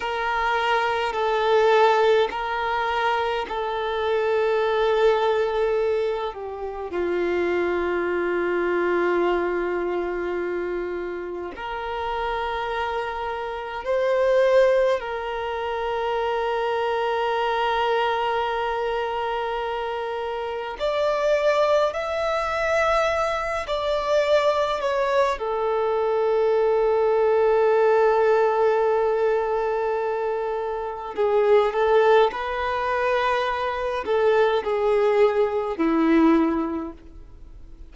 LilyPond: \new Staff \with { instrumentName = "violin" } { \time 4/4 \tempo 4 = 52 ais'4 a'4 ais'4 a'4~ | a'4. g'8 f'2~ | f'2 ais'2 | c''4 ais'2.~ |
ais'2 d''4 e''4~ | e''8 d''4 cis''8 a'2~ | a'2. gis'8 a'8 | b'4. a'8 gis'4 e'4 | }